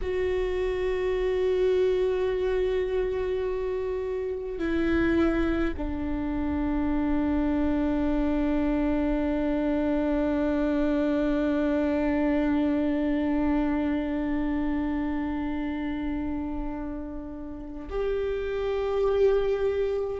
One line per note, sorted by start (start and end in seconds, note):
0.01 4.58 F#4
4.58 5.74 E4
5.77 17.88 D4
17.89 20.20 G4